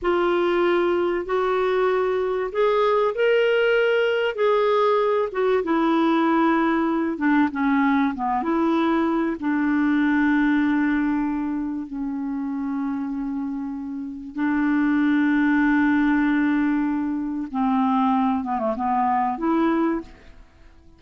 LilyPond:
\new Staff \with { instrumentName = "clarinet" } { \time 4/4 \tempo 4 = 96 f'2 fis'2 | gis'4 ais'2 gis'4~ | gis'8 fis'8 e'2~ e'8 d'8 | cis'4 b8 e'4. d'4~ |
d'2. cis'4~ | cis'2. d'4~ | d'1 | c'4. b16 a16 b4 e'4 | }